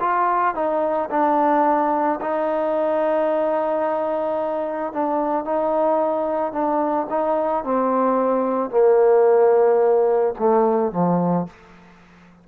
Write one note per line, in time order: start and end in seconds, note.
0.00 0.55 F4
0.55 1.09 D#4
1.10 2.19 D4
2.20 4.93 D#4
4.93 5.44 D4
5.44 6.52 D#4
6.52 7.07 D4
7.10 7.64 D#4
7.64 8.70 C4
8.70 10.34 A#3
10.39 10.92 A3
10.92 11.46 F3